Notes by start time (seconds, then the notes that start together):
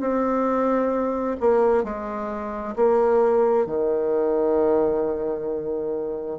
0.00 C4
1.40 A#3
1.84 G#3
2.76 A#3
3.66 D#3